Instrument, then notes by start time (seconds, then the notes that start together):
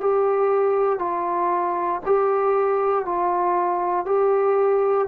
trombone
0.00 G4
0.98 F4
2.05 G4
3.05 F4
4.05 G4